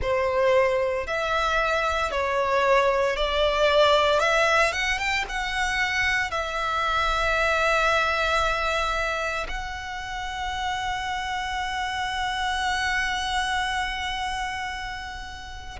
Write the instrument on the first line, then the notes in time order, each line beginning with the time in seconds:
violin
0.01 C5
1.06 E5
2.11 C#5
3.16 D5
4.19 E5
4.72 F#5
4.98 G5
5.29 F#5
6.31 E5
9.48 F#5